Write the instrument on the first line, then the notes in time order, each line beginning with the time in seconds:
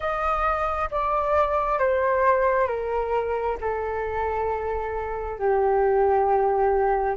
flute
0.00 D#5
0.90 D5
1.78 C5
2.67 A#4
3.61 A4
5.39 G4